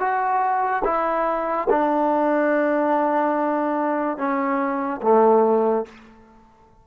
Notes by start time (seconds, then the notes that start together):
0.00 F#4
0.85 E4
1.70 D4
4.18 C#4
5.03 A3